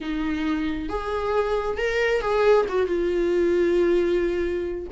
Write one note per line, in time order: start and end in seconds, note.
0.01 0.89 D#4
0.89 1.77 G#4
1.77 2.21 A#4
2.21 2.65 G#4
2.68 2.87 F#4
2.87 4.87 F4